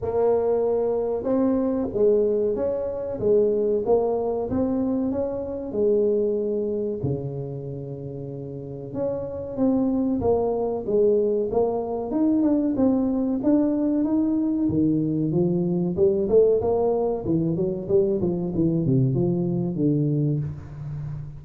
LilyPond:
\new Staff \with { instrumentName = "tuba" } { \time 4/4 \tempo 4 = 94 ais2 c'4 gis4 | cis'4 gis4 ais4 c'4 | cis'4 gis2 cis4~ | cis2 cis'4 c'4 |
ais4 gis4 ais4 dis'8 d'8 | c'4 d'4 dis'4 dis4 | f4 g8 a8 ais4 e8 fis8 | g8 f8 e8 c8 f4 d4 | }